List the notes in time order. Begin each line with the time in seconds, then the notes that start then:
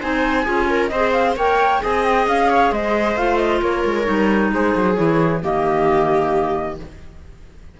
0.00 C4 D#4 C5 G#5
0.43 C#4 F4 G#4
0.69 A#4
0.87 C4 C5 D#5
0.95 G#4
1.12 F5
1.36 A#3 A#4 C#5 G5
1.81 C4 G#4 D#5 G#5
2.04 G5
2.27 C#4 F5
2.50 C#5
2.71 G#3 C5 D#5
3.16 A3 F4 F5
3.37 D#5
3.62 A#3 A#4 C#5
3.85 G#3
4.04 G3 D#4
4.52 G#3 G#4 C5
4.75 F#3
4.95 E3 E4 C#5
5.42 D#3 A#3 G4 D#5